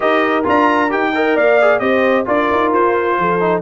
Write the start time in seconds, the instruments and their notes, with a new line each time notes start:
0.00 tuba D#4, trombone G4, horn A#4, trumpet D#5
0.44 tuba D4, trombone F4, trumpet A#5
0.89 tuba D#4, trombone G4, trumpet G5
1.14 trombone A#4, horn D#5
1.35 tuba A#3, horn D5, trumpet F5
1.61 trombone G#4
1.79 tuba C4, trombone G4, horn C5, trumpet D#5
2.25 tuba D4, trombone F4, horn A#4, trumpet D5
2.51 tuba D#4
2.73 tuba F4, trumpet C5
3.18 tuba F3, horn A4
3.39 trombone D#4